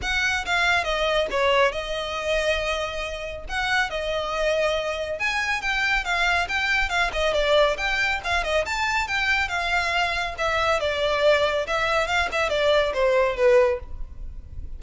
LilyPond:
\new Staff \with { instrumentName = "violin" } { \time 4/4 \tempo 4 = 139 fis''4 f''4 dis''4 cis''4 | dis''1 | fis''4 dis''2. | gis''4 g''4 f''4 g''4 |
f''8 dis''8 d''4 g''4 f''8 dis''8 | a''4 g''4 f''2 | e''4 d''2 e''4 | f''8 e''8 d''4 c''4 b'4 | }